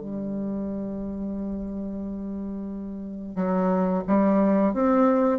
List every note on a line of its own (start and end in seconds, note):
0.00 3.36 G3
3.36 4.03 F#3
4.07 4.73 G3
4.73 5.39 C4